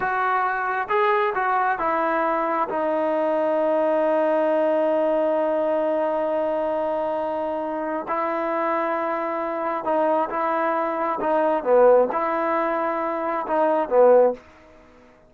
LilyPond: \new Staff \with { instrumentName = "trombone" } { \time 4/4 \tempo 4 = 134 fis'2 gis'4 fis'4 | e'2 dis'2~ | dis'1~ | dis'1~ |
dis'2 e'2~ | e'2 dis'4 e'4~ | e'4 dis'4 b4 e'4~ | e'2 dis'4 b4 | }